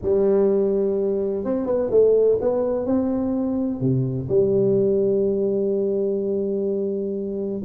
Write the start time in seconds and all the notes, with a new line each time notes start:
0.02 G3
1.44 C4
1.65 B3
1.90 A3
2.40 B3
2.85 C4
3.80 C3
4.28 G3